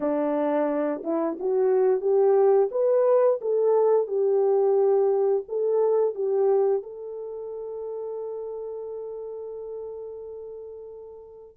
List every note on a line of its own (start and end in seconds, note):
0.00 1.02 D4
1.03 1.37 E4
1.39 2.01 F#4
2.01 2.69 G4
2.71 3.39 B4
3.41 4.07 A4
4.07 5.43 G4
5.48 6.15 A4
6.15 6.82 G4
6.82 11.57 A4